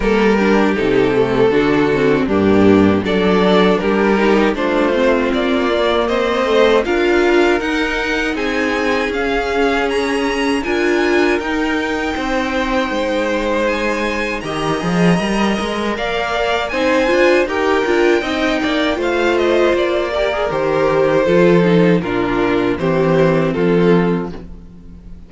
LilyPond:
<<
  \new Staff \with { instrumentName = "violin" } { \time 4/4 \tempo 4 = 79 ais'4 a'2 g'4 | d''4 ais'4 c''4 d''4 | dis''4 f''4 fis''4 gis''4 | f''4 ais''4 gis''4 g''4~ |
g''2 gis''4 ais''4~ | ais''4 f''4 gis''4 g''4~ | g''4 f''8 dis''8 d''4 c''4~ | c''4 ais'4 c''4 a'4 | }
  \new Staff \with { instrumentName = "violin" } { \time 4/4 a'8 g'4. fis'4 d'4 | a'4 g'4 f'2 | c''4 ais'2 gis'4~ | gis'2 ais'2 |
c''2. dis''4~ | dis''4 d''4 c''4 ais'4 | dis''8 d''8 c''4. ais'4. | a'4 f'4 g'4 f'4 | }
  \new Staff \with { instrumentName = "viola" } { \time 4/4 ais8 d'8 dis'8 a8 d'8 c'8 ais4 | d'4. dis'8 d'8 c'4 ais8~ | ais8 a8 f'4 dis'2 | cis'2 f'4 dis'4~ |
dis'2. g'8 gis'8 | ais'2 dis'8 f'8 g'8 f'8 | dis'4 f'4. g'16 gis'16 g'4 | f'8 dis'8 d'4 c'2 | }
  \new Staff \with { instrumentName = "cello" } { \time 4/4 g4 c4 d4 g,4 | fis4 g4 a4 ais4 | c'4 d'4 dis'4 c'4 | cis'2 d'4 dis'4 |
c'4 gis2 dis8 f8 | g8 gis8 ais4 c'8 d'8 dis'8 d'8 | c'8 ais8 a4 ais4 dis4 | f4 ais,4 e4 f4 | }
>>